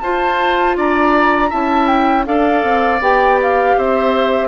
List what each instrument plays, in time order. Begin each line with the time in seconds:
0.00 bassoon F4, clarinet F4, oboe C5, flute A5
0.77 bassoon D4, oboe D5, flute A#5
1.50 bassoon C#4, clarinet E4, oboe E5, flute A5
1.87 flute G5
2.25 bassoon D4, clarinet A4, oboe D5, flute F5
2.64 bassoon C4
3.00 bassoon B3, clarinet G4, flute G5
3.42 flute F5
3.78 bassoon C4, oboe C5, flute E5